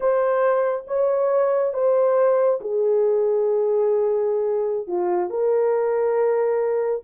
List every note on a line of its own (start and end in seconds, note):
0.00 0.84 C5
0.87 1.73 C#5
1.73 2.60 C5
2.60 4.87 G#4
4.87 5.29 F4
5.29 7.02 A#4